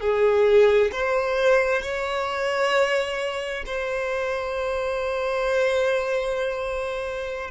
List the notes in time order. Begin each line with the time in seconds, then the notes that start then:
0.00 G#4
0.92 C5
1.82 C#5
3.66 C5